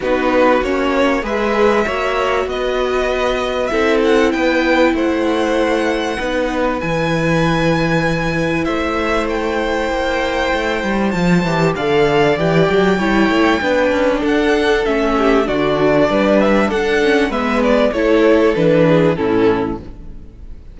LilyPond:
<<
  \new Staff \with { instrumentName = "violin" } { \time 4/4 \tempo 4 = 97 b'4 cis''4 e''2 | dis''2 e''8 fis''8 g''4 | fis''2. gis''4~ | gis''2 e''4 g''4~ |
g''2 a''4 f''4 | g''2. fis''4 | e''4 d''4. e''8 fis''4 | e''8 d''8 cis''4 b'4 a'4 | }
  \new Staff \with { instrumentName = "violin" } { \time 4/4 fis'2 b'4 cis''4 | b'2 a'4 b'4 | c''2 b'2~ | b'2 c''2~ |
c''2. d''4~ | d''4 cis''4 b'4 a'4~ | a'8 g'8 fis'4 b'4 a'4 | b'4 a'4. gis'8 e'4 | }
  \new Staff \with { instrumentName = "viola" } { \time 4/4 dis'4 cis'4 gis'4 fis'4~ | fis'2 e'2~ | e'2 dis'4 e'4~ | e'1~ |
e'2 f'8 g'8 a'4 | g'4 e'4 d'2 | cis'4 d'2~ d'8 cis'8 | b4 e'4 d'4 cis'4 | }
  \new Staff \with { instrumentName = "cello" } { \time 4/4 b4 ais4 gis4 ais4 | b2 c'4 b4 | a2 b4 e4~ | e2 a2 |
ais4 a8 g8 f8 e8 d4 | e8 fis8 g8 a8 b8 cis'8 d'4 | a4 d4 g4 d'4 | gis4 a4 e4 a,4 | }
>>